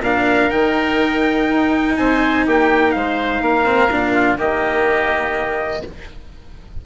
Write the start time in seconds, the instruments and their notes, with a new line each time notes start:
0.00 bassoon A#2, cello D4, oboe A#4, trumpet F5
0.51 bassoon D#3, cello D#4, trumpet G5
1.48 bassoon D#4
1.97 bassoon C4, oboe C5, trumpet G#5
2.46 bassoon A#3, oboe G4, trumpet G5
2.91 bassoon G#3, oboe C5, trumpet F5
3.41 bassoon A#3, oboe A#4
3.65 cello C4
3.91 bassoon A#2, cello D4
4.13 oboe F4
4.38 bassoon D#3, cello A#3, oboe G4, trumpet D#5